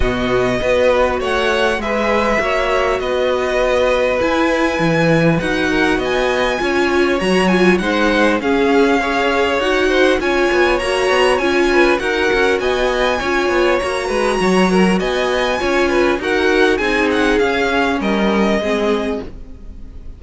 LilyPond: <<
  \new Staff \with { instrumentName = "violin" } { \time 4/4 \tempo 4 = 100 dis''2 fis''4 e''4~ | e''4 dis''2 gis''4~ | gis''4 fis''4 gis''2 | ais''8 gis''8 fis''4 f''2 |
fis''4 gis''4 ais''4 gis''4 | fis''4 gis''2 ais''4~ | ais''4 gis''2 fis''4 | gis''8 fis''8 f''4 dis''2 | }
  \new Staff \with { instrumentName = "violin" } { \time 4/4 fis'4 b'4 cis''4 b'4 | cis''4 b'2.~ | b'4. ais'8 dis''4 cis''4~ | cis''4 c''4 gis'4 cis''4~ |
cis''8 c''8 cis''2~ cis''8 b'8 | ais'4 dis''4 cis''4. b'8 | cis''8 ais'8 dis''4 cis''8 b'8 ais'4 | gis'2 ais'4 gis'4 | }
  \new Staff \with { instrumentName = "viola" } { \time 4/4 b4 fis'2 gis'4 | fis'2. e'4~ | e'4 fis'2 f'4 | fis'8 f'8 dis'4 cis'4 gis'4 |
fis'4 f'4 fis'4 f'4 | fis'2 f'4 fis'4~ | fis'2 f'4 fis'4 | dis'4 cis'2 c'4 | }
  \new Staff \with { instrumentName = "cello" } { \time 4/4 b,4 b4 a4 gis4 | ais4 b2 e'4 | e4 dis'4 b4 cis'4 | fis4 gis4 cis'2 |
dis'4 cis'8 b8 ais8 b8 cis'4 | dis'8 cis'8 b4 cis'8 b8 ais8 gis8 | fis4 b4 cis'4 dis'4 | c'4 cis'4 g4 gis4 | }
>>